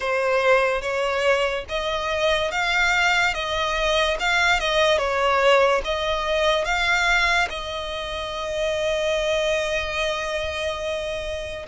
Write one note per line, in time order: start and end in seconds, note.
0.00 0.81 C5
0.81 1.64 C#5
1.69 2.51 D#5
2.51 3.33 F5
3.33 4.17 D#5
4.19 4.59 F5
4.59 4.98 D#5
4.98 5.81 C#5
5.84 6.64 D#5
6.64 7.48 F5
7.49 11.66 D#5